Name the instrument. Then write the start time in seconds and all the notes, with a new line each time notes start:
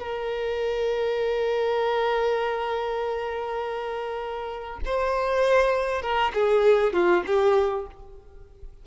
violin
0.00 A#4
4.85 C5
6.02 A#4
6.34 G#4
6.93 F4
7.27 G4